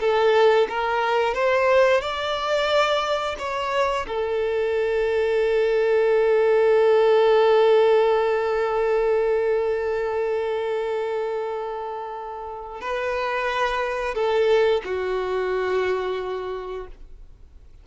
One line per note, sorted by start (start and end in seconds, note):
0.00 0.67 A4
0.69 1.34 A#4
1.34 2.01 C5
2.01 3.36 D5
3.39 4.06 C#5
4.07 12.81 A4
12.81 14.15 B4
14.15 14.82 A4
14.85 16.87 F#4